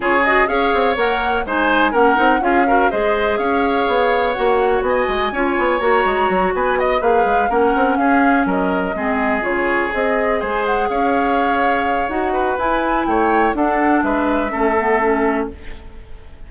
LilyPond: <<
  \new Staff \with { instrumentName = "flute" } { \time 4/4 \tempo 4 = 124 cis''8 dis''8 f''4 fis''4 gis''4 | fis''4 f''4 dis''4 f''4~ | f''4 fis''4 gis''2 | ais''4. gis''8 dis''8 f''4 fis''8~ |
fis''8 f''4 dis''2 cis''8~ | cis''8 dis''4 gis''8 fis''8 f''4.~ | f''4 fis''4 gis''4 g''4 | fis''4 e''2. | }
  \new Staff \with { instrumentName = "oboe" } { \time 4/4 gis'4 cis''2 c''4 | ais'4 gis'8 ais'8 c''4 cis''4~ | cis''2 dis''4 cis''4~ | cis''4. b'8 dis''8 b'4 ais'8~ |
ais'8 gis'4 ais'4 gis'4.~ | gis'4. c''4 cis''4.~ | cis''4. b'4. cis''4 | a'4 b'4 a'2 | }
  \new Staff \with { instrumentName = "clarinet" } { \time 4/4 f'8 fis'8 gis'4 ais'4 dis'4 | cis'8 dis'8 f'8 fis'8 gis'2~ | gis'4 fis'2 f'4 | fis'2~ fis'8 gis'4 cis'8~ |
cis'2~ cis'8 c'4 f'8~ | f'8 gis'2.~ gis'8~ | gis'4 fis'4 e'2 | d'2 cis'8 b8 cis'4 | }
  \new Staff \with { instrumentName = "bassoon" } { \time 4/4 cis4 cis'8 c'8 ais4 gis4 | ais8 c'8 cis'4 gis4 cis'4 | b4 ais4 b8 gis8 cis'8 b8 | ais8 gis8 fis8 b4 ais8 gis8 ais8 |
c'8 cis'4 fis4 gis4 cis8~ | cis8 c'4 gis4 cis'4.~ | cis'4 dis'4 e'4 a4 | d'4 gis4 a2 | }
>>